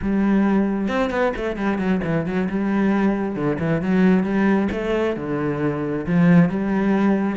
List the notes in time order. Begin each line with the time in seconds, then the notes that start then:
0.02 G3
0.88 C4
1.10 B3
1.36 A3
1.56 G3
1.78 F#3
2.04 E3
2.26 F#3
2.49 G3
3.35 D3
3.59 E3
3.81 F#3
4.23 G3
4.71 A3
5.16 D3
6.06 F3
6.49 G3